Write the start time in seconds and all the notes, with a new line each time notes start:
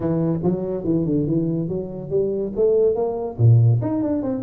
0.00 E3
0.43 F#3
0.84 E3
1.05 D3
1.27 E3
1.68 F#3
2.10 G3
2.56 A3
2.95 A#3
3.38 A#2
3.81 D#4
4.02 D4
4.22 C4